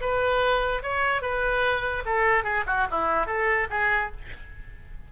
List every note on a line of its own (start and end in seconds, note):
0.00 0.82 B4
0.82 1.21 C#5
1.21 2.03 B4
2.05 2.43 A4
2.43 2.64 G#4
2.66 2.87 F#4
2.90 3.26 E4
3.26 3.67 A4
3.70 4.10 G#4